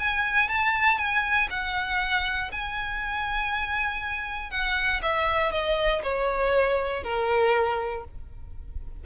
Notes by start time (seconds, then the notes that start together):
0.00 G#5
0.49 A5
0.98 G#5
1.51 F#5
2.52 G#5
4.51 F#5
5.03 E5
5.52 D#5
6.03 C#5
7.04 A#4